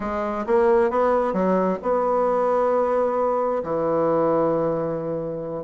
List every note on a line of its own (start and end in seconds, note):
0.00 0.45 G#3
0.46 0.90 A#3
0.90 1.33 B3
1.33 1.78 F#3
1.82 3.63 B3
3.63 5.63 E3